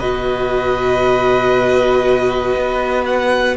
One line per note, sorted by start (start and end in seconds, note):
0.00 2.56 B2
0.00 3.57 F#4
0.00 3.56 B4
0.00 3.05 D#5
2.56 3.57 B3
3.06 3.57 F#5